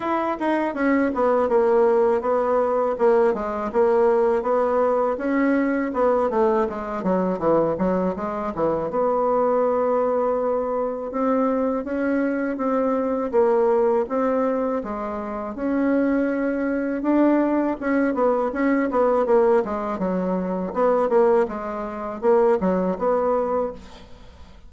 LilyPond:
\new Staff \with { instrumentName = "bassoon" } { \time 4/4 \tempo 4 = 81 e'8 dis'8 cis'8 b8 ais4 b4 | ais8 gis8 ais4 b4 cis'4 | b8 a8 gis8 fis8 e8 fis8 gis8 e8 | b2. c'4 |
cis'4 c'4 ais4 c'4 | gis4 cis'2 d'4 | cis'8 b8 cis'8 b8 ais8 gis8 fis4 | b8 ais8 gis4 ais8 fis8 b4 | }